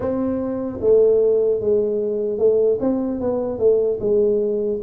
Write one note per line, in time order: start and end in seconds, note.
0.00 0.79 C4
0.80 1.60 A3
1.60 2.38 G#3
2.38 2.78 A3
2.80 3.20 C4
3.20 3.58 B3
3.58 3.98 A3
4.00 4.80 G#3